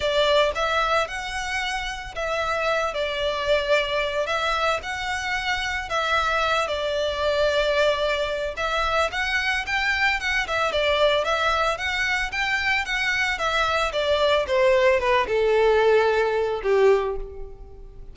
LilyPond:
\new Staff \with { instrumentName = "violin" } { \time 4/4 \tempo 4 = 112 d''4 e''4 fis''2 | e''4. d''2~ d''8 | e''4 fis''2 e''4~ | e''8 d''2.~ d''8 |
e''4 fis''4 g''4 fis''8 e''8 | d''4 e''4 fis''4 g''4 | fis''4 e''4 d''4 c''4 | b'8 a'2~ a'8 g'4 | }